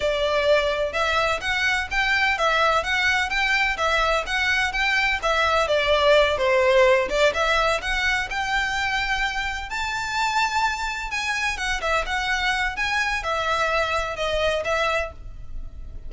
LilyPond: \new Staff \with { instrumentName = "violin" } { \time 4/4 \tempo 4 = 127 d''2 e''4 fis''4 | g''4 e''4 fis''4 g''4 | e''4 fis''4 g''4 e''4 | d''4. c''4. d''8 e''8~ |
e''8 fis''4 g''2~ g''8~ | g''8 a''2. gis''8~ | gis''8 fis''8 e''8 fis''4. gis''4 | e''2 dis''4 e''4 | }